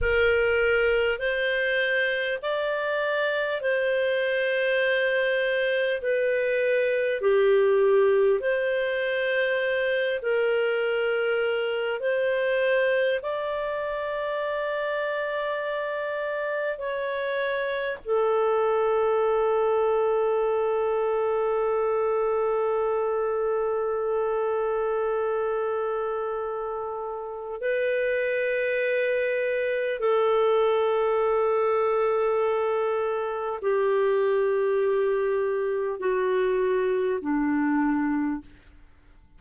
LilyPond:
\new Staff \with { instrumentName = "clarinet" } { \time 4/4 \tempo 4 = 50 ais'4 c''4 d''4 c''4~ | c''4 b'4 g'4 c''4~ | c''8 ais'4. c''4 d''4~ | d''2 cis''4 a'4~ |
a'1~ | a'2. b'4~ | b'4 a'2. | g'2 fis'4 d'4 | }